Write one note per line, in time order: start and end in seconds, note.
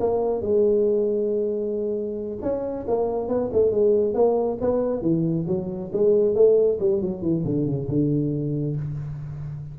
0.00 0.42 A#3
0.42 2.39 G#3
2.42 2.86 C#4
2.88 3.28 A#3
3.28 3.50 B3
3.53 3.71 A3
3.71 4.14 G#3
4.14 4.58 A#3
4.61 5.02 B3
5.02 5.46 E3
5.47 5.91 F#3
5.93 6.35 G#3
6.35 6.78 A3
6.80 7.02 G3
7.02 7.22 F#3
7.22 7.44 E3
7.46 7.66 D3
7.66 7.88 C#3
7.88 8.76 D3